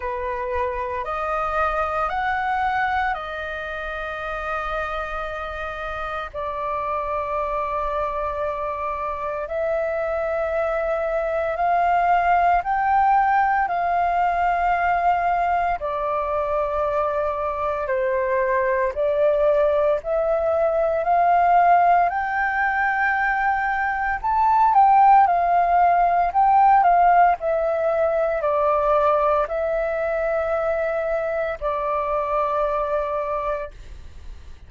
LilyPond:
\new Staff \with { instrumentName = "flute" } { \time 4/4 \tempo 4 = 57 b'4 dis''4 fis''4 dis''4~ | dis''2 d''2~ | d''4 e''2 f''4 | g''4 f''2 d''4~ |
d''4 c''4 d''4 e''4 | f''4 g''2 a''8 g''8 | f''4 g''8 f''8 e''4 d''4 | e''2 d''2 | }